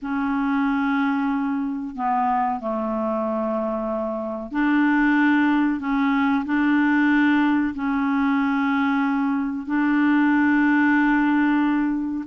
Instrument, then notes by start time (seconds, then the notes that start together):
clarinet
0.02 C#4
1.95 B3
2.60 A3
4.51 D4
5.79 C#4
6.45 D4
7.74 C#4
9.66 D4